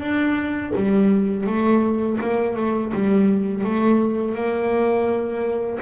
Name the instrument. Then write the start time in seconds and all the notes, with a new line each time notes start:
double bass
0.00 D4
0.75 G3
1.47 A3
2.20 A#3
2.56 A3
2.93 G3
3.64 A3
4.34 A#3